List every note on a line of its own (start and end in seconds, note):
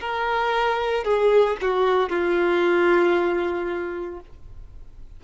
0.00 1.04 A#4
1.04 1.56 G#4
1.61 2.09 F#4
2.09 4.20 F4